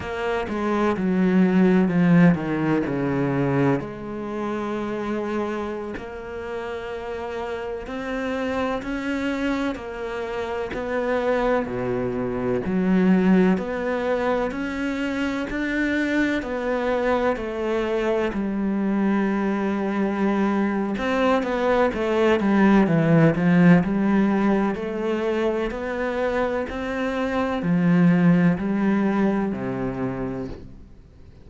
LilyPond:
\new Staff \with { instrumentName = "cello" } { \time 4/4 \tempo 4 = 63 ais8 gis8 fis4 f8 dis8 cis4 | gis2~ gis16 ais4.~ ais16~ | ais16 c'4 cis'4 ais4 b8.~ | b16 b,4 fis4 b4 cis'8.~ |
cis'16 d'4 b4 a4 g8.~ | g2 c'8 b8 a8 g8 | e8 f8 g4 a4 b4 | c'4 f4 g4 c4 | }